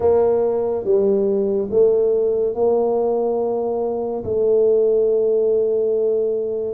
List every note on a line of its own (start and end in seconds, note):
0.00 0.84 A#3
0.84 1.69 G3
1.70 2.54 A3
2.54 4.23 A#3
4.24 6.74 A3